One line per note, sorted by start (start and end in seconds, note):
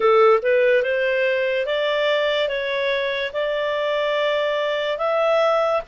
0.00 0.40 A4
0.42 0.83 B4
0.83 1.66 C5
1.66 2.48 D5
2.48 3.31 C#5
3.33 4.98 D5
4.98 5.81 E5